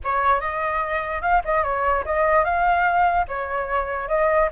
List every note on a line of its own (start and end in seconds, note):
0.04 0.40 C#5
0.40 1.21 D#5
1.21 1.42 F5
1.45 1.63 D#5
1.63 2.04 C#5
2.05 2.44 D#5
2.44 3.26 F5
3.28 4.08 C#5
4.08 4.49 D#5